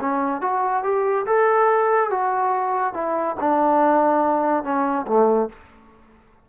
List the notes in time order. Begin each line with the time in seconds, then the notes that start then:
0.00 C#4
0.41 F#4
0.83 G4
1.26 A4
2.10 F#4
2.93 E4
3.40 D4
4.63 C#4
5.07 A3